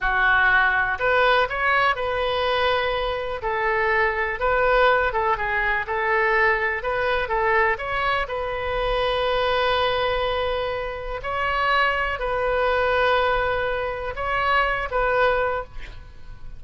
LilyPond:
\new Staff \with { instrumentName = "oboe" } { \time 4/4 \tempo 4 = 123 fis'2 b'4 cis''4 | b'2. a'4~ | a'4 b'4. a'8 gis'4 | a'2 b'4 a'4 |
cis''4 b'2.~ | b'2. cis''4~ | cis''4 b'2.~ | b'4 cis''4. b'4. | }